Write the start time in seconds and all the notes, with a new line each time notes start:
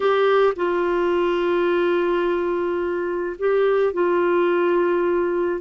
0.00 G4
0.56 F4
3.38 G4
3.93 F4